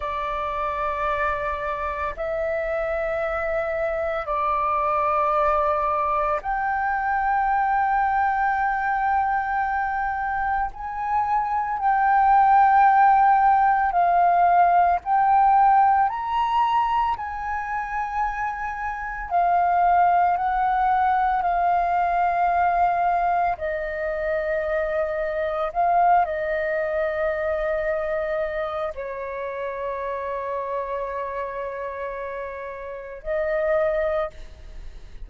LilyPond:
\new Staff \with { instrumentName = "flute" } { \time 4/4 \tempo 4 = 56 d''2 e''2 | d''2 g''2~ | g''2 gis''4 g''4~ | g''4 f''4 g''4 ais''4 |
gis''2 f''4 fis''4 | f''2 dis''2 | f''8 dis''2~ dis''8 cis''4~ | cis''2. dis''4 | }